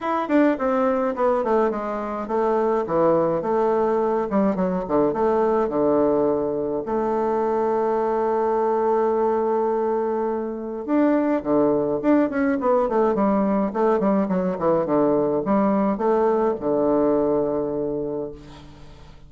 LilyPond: \new Staff \with { instrumentName = "bassoon" } { \time 4/4 \tempo 4 = 105 e'8 d'8 c'4 b8 a8 gis4 | a4 e4 a4. g8 | fis8 d8 a4 d2 | a1~ |
a2. d'4 | d4 d'8 cis'8 b8 a8 g4 | a8 g8 fis8 e8 d4 g4 | a4 d2. | }